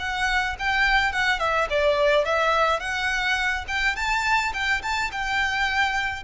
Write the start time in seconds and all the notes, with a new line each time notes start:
0.00 F#5
0.60 G5
1.13 F#5
1.40 E5
1.70 D5
2.25 E5
2.80 F#5
3.68 G5
3.96 A5
4.54 G5
4.83 A5
5.12 G5